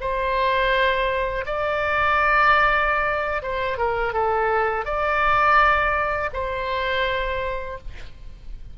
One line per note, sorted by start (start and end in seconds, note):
0.00 1.45 C5
1.46 3.42 D5
3.42 3.77 C5
3.77 4.13 A#4
4.13 4.85 A4
4.85 6.30 D5
6.33 7.78 C5